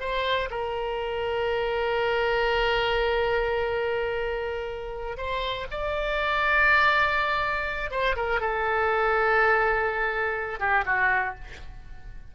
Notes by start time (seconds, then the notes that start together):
0.00 C5
0.50 A#4
5.17 C5
5.71 D5
7.91 C5
8.16 A#4
8.41 A4
10.60 G4
10.86 F#4